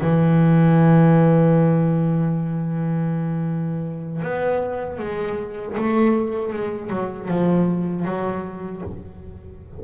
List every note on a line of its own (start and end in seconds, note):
0.00 4.22 E3
4.22 4.98 B3
4.98 5.75 G#3
5.77 6.52 A3
6.52 6.90 G#3
6.90 7.28 F#3
7.28 8.05 F3
8.05 8.81 F#3